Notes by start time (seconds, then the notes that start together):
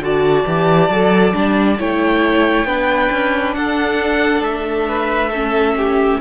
0.00 D3 F#4 D5 A5
0.47 E3 G4
0.90 F#3 A4
1.33 G3 D4
1.78 A3 E4 C#5 G5
2.65 B3 D4 B4
3.12 C#4
3.54 D4 A4 F#5
4.40 A3 E5
4.89 B4
5.30 C#4 A4
5.77 G4